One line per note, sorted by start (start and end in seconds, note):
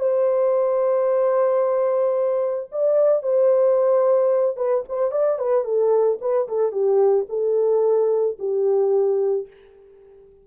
0.00 2.70 C5
2.72 3.23 D5
3.23 4.57 C5
4.57 4.84 B4
4.88 5.12 C5
5.12 5.39 D5
5.39 5.64 B4
5.64 6.18 A4
6.21 6.48 B4
6.48 6.72 A4
6.72 7.26 G4
7.29 8.37 A4
8.39 9.47 G4